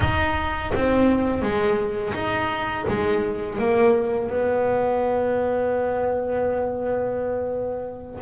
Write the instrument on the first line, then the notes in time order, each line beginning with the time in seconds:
double bass
0.00 D#4
0.74 C4
1.42 G#3
2.14 D#4
2.88 G#3
3.58 A#3
4.29 B3